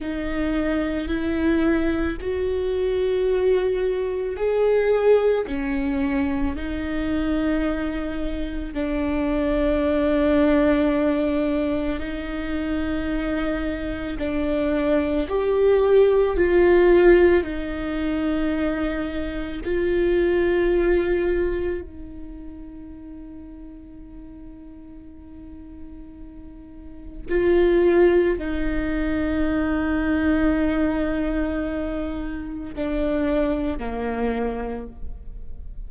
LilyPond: \new Staff \with { instrumentName = "viola" } { \time 4/4 \tempo 4 = 55 dis'4 e'4 fis'2 | gis'4 cis'4 dis'2 | d'2. dis'4~ | dis'4 d'4 g'4 f'4 |
dis'2 f'2 | dis'1~ | dis'4 f'4 dis'2~ | dis'2 d'4 ais4 | }